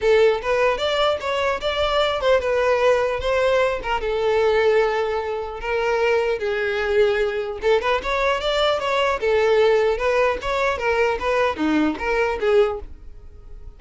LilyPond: \new Staff \with { instrumentName = "violin" } { \time 4/4 \tempo 4 = 150 a'4 b'4 d''4 cis''4 | d''4. c''8 b'2 | c''4. ais'8 a'2~ | a'2 ais'2 |
gis'2. a'8 b'8 | cis''4 d''4 cis''4 a'4~ | a'4 b'4 cis''4 ais'4 | b'4 dis'4 ais'4 gis'4 | }